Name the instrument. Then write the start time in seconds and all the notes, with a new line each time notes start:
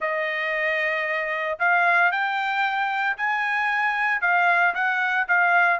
trumpet
0.00 D#5
1.59 F5
2.11 G5
3.17 G#5
4.21 F5
4.74 F#5
5.28 F5